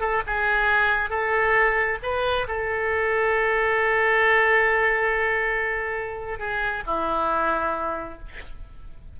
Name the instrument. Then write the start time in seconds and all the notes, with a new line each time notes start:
oboe
0.00 A4
0.26 G#4
1.10 A4
2.02 B4
2.47 A4
6.39 G#4
6.86 E4